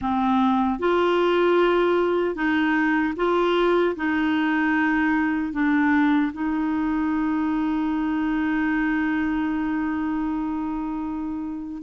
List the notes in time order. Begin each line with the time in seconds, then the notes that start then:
0.01 C4
0.79 F4
2.35 D#4
3.16 F4
3.95 D#4
5.53 D4
6.32 D#4